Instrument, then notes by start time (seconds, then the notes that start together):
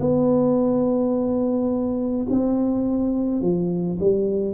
tuba
0.00 B3
2.30 C4
3.42 F3
4.00 G3